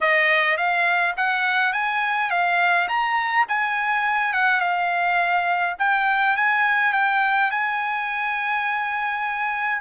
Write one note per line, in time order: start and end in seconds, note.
0.00 0.57 D#5
0.57 1.15 F5
1.17 1.73 F#5
1.73 2.30 G#5
2.30 2.88 F5
2.88 3.46 A#5
3.48 4.33 G#5
4.33 4.60 F#5
4.60 5.75 F5
5.78 6.36 G5
6.36 6.93 G#5
6.93 7.50 G5
7.51 9.81 G#5